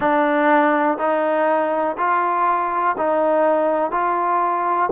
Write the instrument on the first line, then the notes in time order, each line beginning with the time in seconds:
trombone
0.00 D4
0.97 D#4
1.97 F4
2.97 D#4
3.91 F4